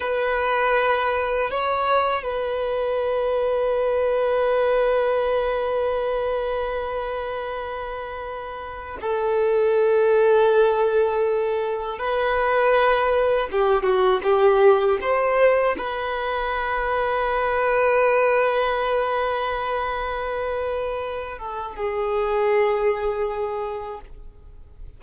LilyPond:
\new Staff \with { instrumentName = "violin" } { \time 4/4 \tempo 4 = 80 b'2 cis''4 b'4~ | b'1~ | b'1 | a'1 |
b'2 g'8 fis'8 g'4 | c''4 b'2.~ | b'1~ | b'8 a'8 gis'2. | }